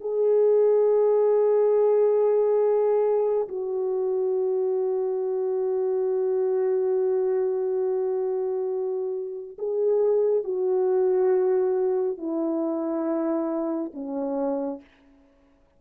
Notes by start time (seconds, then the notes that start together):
0.00 G#4
3.48 F#4
9.58 G#4
10.44 F#4
12.17 E4
13.93 C#4